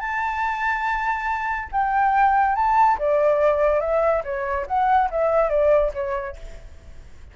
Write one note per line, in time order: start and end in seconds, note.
0.00 1.69 A5
1.72 2.56 G5
2.56 2.98 A5
2.99 3.81 D5
3.81 4.23 E5
4.24 4.67 C#5
4.67 5.10 F#5
5.11 5.50 E5
5.50 5.92 D5
5.94 6.37 C#5